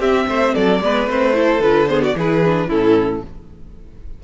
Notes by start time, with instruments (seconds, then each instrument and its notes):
0.00 viola C4, cello C4, violin G4 E5
0.28 cello A3, violin C5
0.55 cello F#3, violin A4 D5
0.80 cello G#3, viola B3, violin B4
1.07 cello A3, viola C4, violin C5
1.34 viola E4, violin A4
1.60 cello D3, viola F4, violin B4
1.89 viola B3, violin G#4 C5
2.02 violin F#4 D5
2.16 cello E3, viola E4, violin G#4 B4
2.46 viola D4
2.68 cello A2, viola C#4, violin E4 A4